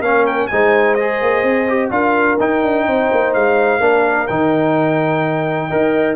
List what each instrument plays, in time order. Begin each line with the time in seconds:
0.00 tuba A#3, trombone C#4, horn A#4, trumpet F5
0.26 trumpet G5
0.47 tuba G#3, trombone D#4, horn C5, trumpet G#5
0.95 trombone G#4, trumpet D#5
1.22 tuba A#3
1.43 tuba C4
1.68 trombone G4
1.90 tuba D4, trombone F4, horn A#4, trumpet F5
2.40 tuba D#4, trombone D#4, trumpet G5
2.63 tuba D4
2.86 tuba C4, horn C5
3.12 tuba A#3
3.34 tuba G#3, trumpet F5
3.80 tuba A#3, trombone D4, horn A#4
4.27 tuba D#3, trombone D#4, trumpet G5
5.68 tuba D#4, trombone A#4, horn D#5